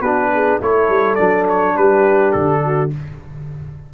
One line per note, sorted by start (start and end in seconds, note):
0.00 0.58 B3
0.00 0.60 D4
0.00 0.30 F#4
0.00 0.59 B4
0.34 0.61 G#4
0.60 0.88 A3
0.60 1.17 E4
0.60 1.75 A4
0.60 1.15 C#5
0.88 1.17 G3
1.15 1.76 F#3
1.15 2.90 D4
1.15 1.44 D5
1.48 1.76 C#5
1.75 2.34 G3
1.75 2.61 G4
1.75 2.32 B4
2.32 2.92 D3
2.32 2.89 A4
2.64 2.93 F#4